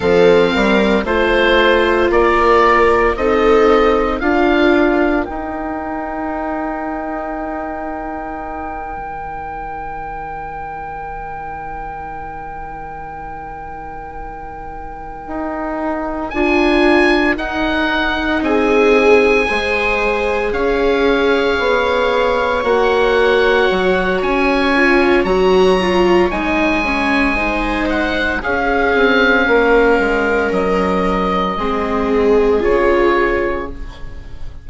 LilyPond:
<<
  \new Staff \with { instrumentName = "oboe" } { \time 4/4 \tempo 4 = 57 f''4 c''4 d''4 dis''4 | f''4 g''2.~ | g''1~ | g''2.~ g''8 gis''8~ |
gis''8 fis''4 gis''2 f''8~ | f''4. fis''4. gis''4 | ais''4 gis''4. fis''8 f''4~ | f''4 dis''2 cis''4 | }
  \new Staff \with { instrumentName = "viola" } { \time 4/4 a'8 ais'8 c''4 ais'4 a'4 | ais'1~ | ais'1~ | ais'1~ |
ais'4. gis'4 c''4 cis''8~ | cis''1~ | cis''2 c''4 gis'4 | ais'2 gis'2 | }
  \new Staff \with { instrumentName = "viola" } { \time 4/4 c'4 f'2 dis'4 | f'4 dis'2.~ | dis'1~ | dis'2.~ dis'8 f'8~ |
f'8 dis'2 gis'4.~ | gis'4. fis'2 f'8 | fis'8 f'8 dis'8 cis'8 dis'4 cis'4~ | cis'2 c'4 f'4 | }
  \new Staff \with { instrumentName = "bassoon" } { \time 4/4 f8 g8 a4 ais4 c'4 | d'4 dis'2.~ | dis'8 dis2.~ dis8~ | dis2~ dis8 dis'4 d'8~ |
d'8 dis'4 c'4 gis4 cis'8~ | cis'8 b4 ais4 fis8 cis'4 | fis4 gis2 cis'8 c'8 | ais8 gis8 fis4 gis4 cis4 | }
>>